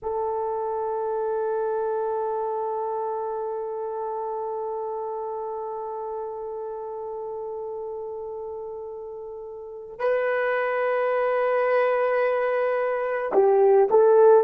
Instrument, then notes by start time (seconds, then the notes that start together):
horn
0.02 A4
9.98 B4
13.33 G4
13.90 A4